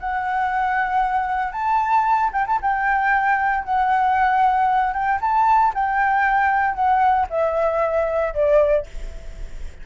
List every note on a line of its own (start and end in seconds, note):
0.00 1.52 F#5
1.52 2.31 A5
2.33 2.46 G5
2.47 2.60 A5
2.62 3.65 G5
3.65 4.94 F#5
4.94 5.20 G5
5.22 5.74 A5
5.74 6.75 G5
6.75 7.27 F#5
7.30 8.34 E5
8.34 8.86 D5